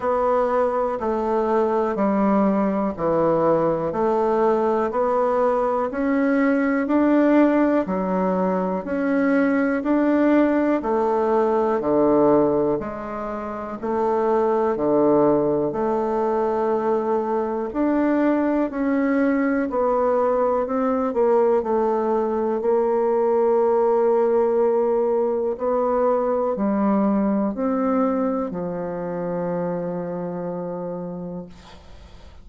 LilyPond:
\new Staff \with { instrumentName = "bassoon" } { \time 4/4 \tempo 4 = 61 b4 a4 g4 e4 | a4 b4 cis'4 d'4 | fis4 cis'4 d'4 a4 | d4 gis4 a4 d4 |
a2 d'4 cis'4 | b4 c'8 ais8 a4 ais4~ | ais2 b4 g4 | c'4 f2. | }